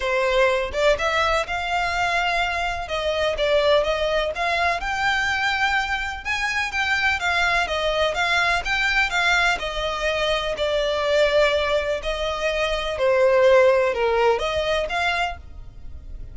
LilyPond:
\new Staff \with { instrumentName = "violin" } { \time 4/4 \tempo 4 = 125 c''4. d''8 e''4 f''4~ | f''2 dis''4 d''4 | dis''4 f''4 g''2~ | g''4 gis''4 g''4 f''4 |
dis''4 f''4 g''4 f''4 | dis''2 d''2~ | d''4 dis''2 c''4~ | c''4 ais'4 dis''4 f''4 | }